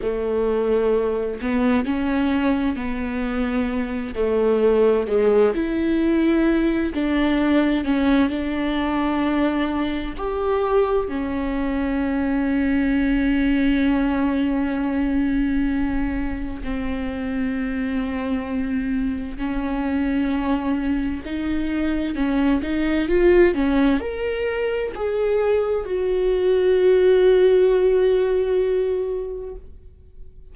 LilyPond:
\new Staff \with { instrumentName = "viola" } { \time 4/4 \tempo 4 = 65 a4. b8 cis'4 b4~ | b8 a4 gis8 e'4. d'8~ | d'8 cis'8 d'2 g'4 | cis'1~ |
cis'2 c'2~ | c'4 cis'2 dis'4 | cis'8 dis'8 f'8 cis'8 ais'4 gis'4 | fis'1 | }